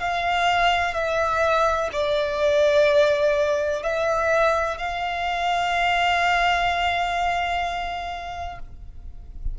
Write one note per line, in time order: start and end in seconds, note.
0.00 0.94 F5
0.94 1.90 E5
1.93 3.83 D5
3.83 4.78 E5
4.78 8.59 F5